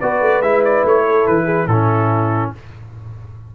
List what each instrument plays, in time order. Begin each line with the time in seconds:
0.00 tuba B3, trombone F#4, horn B4, trumpet D5
0.20 tuba A3
0.40 tuba G#3, trombone E4, trumpet E5
0.64 trumpet D5
0.83 tuba A3, trumpet C#5
1.05 horn A4
1.26 tuba E3, trumpet B4
1.45 horn G#4
1.66 tuba A2, trombone C#4, horn E4, trumpet A4